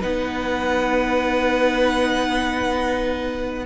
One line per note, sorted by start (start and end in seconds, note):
0.00 3.66 B3
0.00 3.66 D#4
0.00 3.65 B4
0.00 3.66 F#5